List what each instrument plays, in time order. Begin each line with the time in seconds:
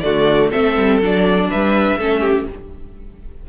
0.00 cello D3, viola A3, violin F#4 D5
0.49 cello A3, viola C4, violin A4 E5
0.76 cello G3
1.01 cello F#3, viola D4, violin D5
1.50 cello G3, violin B4 E5
1.96 cello A3, viola C#4, violin A4
2.20 violin G4